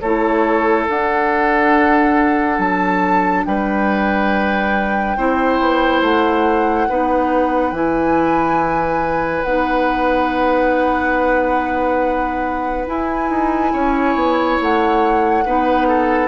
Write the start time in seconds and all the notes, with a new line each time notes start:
0.00 A3 E4 A4 C#5
0.88 D4 F#5
2.58 F#3 A5
3.45 G3 B4 G5
5.17 C4 E4 C5
5.60 B3
6.01 A3 F#5
6.89 B3 D#4 B4
7.72 E3 E4 G#5
9.42 B3 D#4 F#5
12.86 E4 G#5
13.30 D#4
13.73 C#4 C#5
14.15 B3
14.61 A3 F#5
15.45 B3 D#4 B4
15.88 A4